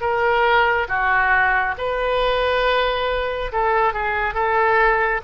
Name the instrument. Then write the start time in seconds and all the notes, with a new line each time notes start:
oboe
0.00 A#4
0.88 F#4
1.77 B4
3.52 A4
3.93 G#4
4.34 A4